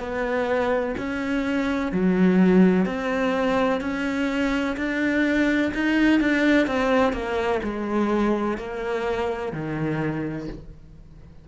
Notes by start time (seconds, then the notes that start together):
0.00 B3
0.98 C#4
1.93 F#3
2.86 C4
3.81 C#4
4.77 D4
5.74 D#4
6.21 D4
6.67 C4
7.13 A#3
7.64 G#3
8.58 A#3
9.53 D#3